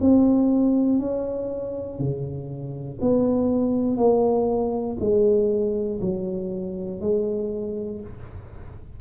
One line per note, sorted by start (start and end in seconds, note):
0.00 0.99 C4
0.99 1.99 C#4
1.99 2.99 C#3
3.00 3.97 B3
3.97 4.97 A#3
5.00 6.00 G#3
6.00 7.00 F#3
7.00 8.00 G#3